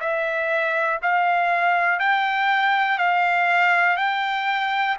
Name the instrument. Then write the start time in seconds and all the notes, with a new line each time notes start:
trumpet
0.00 E5
1.02 F5
2.00 G5
2.99 F5
3.97 G5